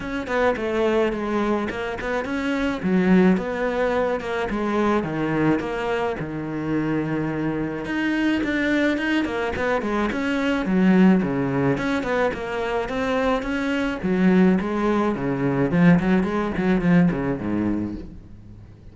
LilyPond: \new Staff \with { instrumentName = "cello" } { \time 4/4 \tempo 4 = 107 cis'8 b8 a4 gis4 ais8 b8 | cis'4 fis4 b4. ais8 | gis4 dis4 ais4 dis4~ | dis2 dis'4 d'4 |
dis'8 ais8 b8 gis8 cis'4 fis4 | cis4 cis'8 b8 ais4 c'4 | cis'4 fis4 gis4 cis4 | f8 fis8 gis8 fis8 f8 cis8 gis,4 | }